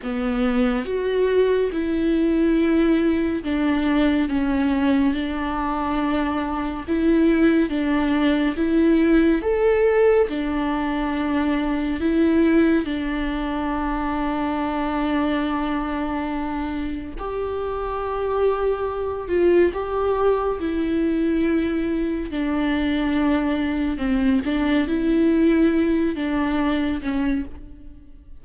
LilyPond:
\new Staff \with { instrumentName = "viola" } { \time 4/4 \tempo 4 = 70 b4 fis'4 e'2 | d'4 cis'4 d'2 | e'4 d'4 e'4 a'4 | d'2 e'4 d'4~ |
d'1 | g'2~ g'8 f'8 g'4 | e'2 d'2 | c'8 d'8 e'4. d'4 cis'8 | }